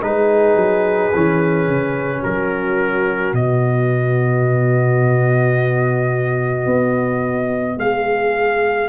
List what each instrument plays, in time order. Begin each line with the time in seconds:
0.00 tuba G#3, trombone D#4, horn G#4, trumpet B4
0.55 tuba F#3
1.14 tuba E3, trombone C#4
1.68 tuba C#3
2.19 horn F#4, trumpet A#4
2.25 tuba F#3
3.33 tuba B2, trombone B3, trumpet D#5
6.66 tuba B3
7.77 tuba G#3, horn G#4, trumpet F5